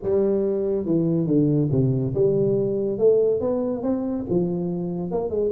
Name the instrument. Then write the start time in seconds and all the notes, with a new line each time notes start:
tuba
0.03 G3
0.85 E3
1.26 D3
1.71 C3
2.14 G3
2.98 A3
3.40 B3
3.83 C4
4.29 F3
5.11 A#3
5.30 G#3